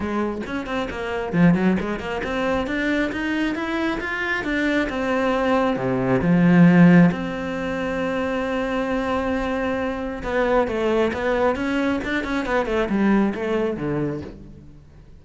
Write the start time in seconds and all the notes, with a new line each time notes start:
0.00 G#3
0.46 C#4
0.66 C4
0.90 A#3
1.32 F3
1.54 F#3
1.80 G#3
1.99 A#3
2.23 C4
2.66 D4
3.12 D#4
3.55 E4
4.00 F4
4.44 D4
4.89 C4
5.76 C3
6.21 F3
7.11 C4
10.23 B3
10.67 A3
11.13 B3
11.55 C#4
12.04 D4
12.24 C#4
12.45 B3
12.66 A3
12.89 G3
13.34 A3
13.77 D3